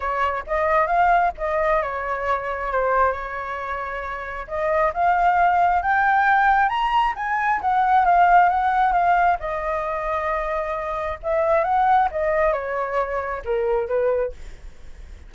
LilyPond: \new Staff \with { instrumentName = "flute" } { \time 4/4 \tempo 4 = 134 cis''4 dis''4 f''4 dis''4 | cis''2 c''4 cis''4~ | cis''2 dis''4 f''4~ | f''4 g''2 ais''4 |
gis''4 fis''4 f''4 fis''4 | f''4 dis''2.~ | dis''4 e''4 fis''4 dis''4 | cis''2 ais'4 b'4 | }